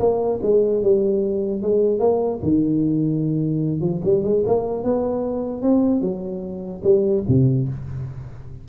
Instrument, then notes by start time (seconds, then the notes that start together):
tuba
0.00 A#3
0.43 G#3
0.83 G3
1.63 G#3
2.00 A#3
2.43 D#3
3.81 F3
4.05 G3
4.24 G#3
4.46 A#3
4.84 B3
5.62 C4
6.01 F#3
6.84 G3
7.28 C3